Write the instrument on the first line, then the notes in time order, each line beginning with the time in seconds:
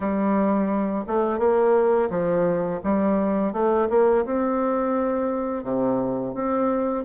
bassoon
0.00 G3
1.07 A3
1.38 A#3
2.10 F3
2.83 G3
3.53 A3
3.89 A#3
4.25 C4
5.63 C3
6.34 C4